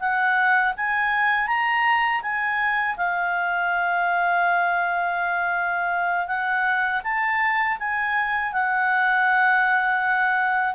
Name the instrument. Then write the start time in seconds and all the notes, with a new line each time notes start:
clarinet
0.00 F#5
0.77 G#5
1.47 A#5
2.23 G#5
2.97 F5
6.28 F#5
7.04 A5
7.80 G#5
8.53 F#5